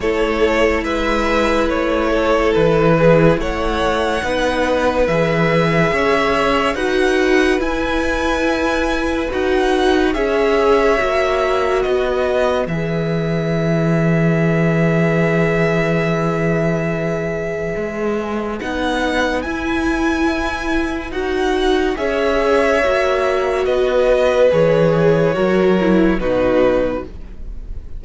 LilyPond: <<
  \new Staff \with { instrumentName = "violin" } { \time 4/4 \tempo 4 = 71 cis''4 e''4 cis''4 b'4 | fis''2 e''2 | fis''4 gis''2 fis''4 | e''2 dis''4 e''4~ |
e''1~ | e''2 fis''4 gis''4~ | gis''4 fis''4 e''2 | dis''4 cis''2 b'4 | }
  \new Staff \with { instrumentName = "violin" } { \time 4/4 a'4 b'4. a'4 gis'8 | cis''4 b'2 cis''4 | b'1 | cis''2 b'2~ |
b'1~ | b'1~ | b'2 cis''2 | b'2 ais'4 fis'4 | }
  \new Staff \with { instrumentName = "viola" } { \time 4/4 e'1~ | e'4 dis'4 gis'2 | fis'4 e'2 fis'4 | gis'4 fis'2 gis'4~ |
gis'1~ | gis'2 dis'4 e'4~ | e'4 fis'4 gis'4 fis'4~ | fis'4 gis'4 fis'8 e'8 dis'4 | }
  \new Staff \with { instrumentName = "cello" } { \time 4/4 a4 gis4 a4 e4 | a4 b4 e4 cis'4 | dis'4 e'2 dis'4 | cis'4 ais4 b4 e4~ |
e1~ | e4 gis4 b4 e'4~ | e'4 dis'4 cis'4 ais4 | b4 e4 fis4 b,4 | }
>>